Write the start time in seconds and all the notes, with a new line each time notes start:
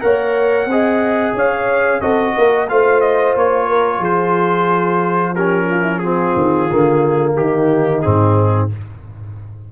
0.00 A#3 A#4 C#5 F#5
0.66 C4 G#4 D#5
1.34 C#4 C#5 F5
2.01 C4 F#4 A4 D#5
2.36 A#3 A#4
2.69 A3 F4 C5 F5
3.01 D#5
3.35 A#3 C#5
3.67 A#4
3.99 F3 G#4 C5
5.34 C#4 G4 A#4
5.70 F4
5.82 E4
5.98 C4 F4 G#4
6.36 D#3
6.71 D3 A#3
7.35 D#3 D#4 G4
8.01 G#2 C4 G#4